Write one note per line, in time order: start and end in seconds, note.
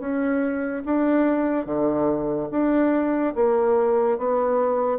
0.00 0.83 C#4
0.86 1.66 D4
1.66 2.50 D3
2.52 3.35 D4
3.36 4.19 A#3
4.19 4.99 B3